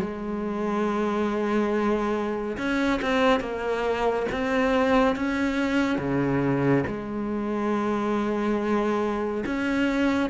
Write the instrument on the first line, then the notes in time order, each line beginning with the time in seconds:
cello
0.00 G#3
2.58 C#4
3.02 C4
3.41 A#3
4.32 C4
5.16 C#4
5.98 C#3
6.87 G#3
9.46 C#4